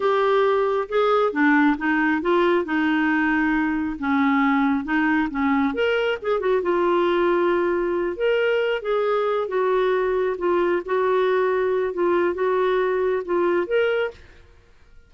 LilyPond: \new Staff \with { instrumentName = "clarinet" } { \time 4/4 \tempo 4 = 136 g'2 gis'4 d'4 | dis'4 f'4 dis'2~ | dis'4 cis'2 dis'4 | cis'4 ais'4 gis'8 fis'8 f'4~ |
f'2~ f'8 ais'4. | gis'4. fis'2 f'8~ | f'8 fis'2~ fis'8 f'4 | fis'2 f'4 ais'4 | }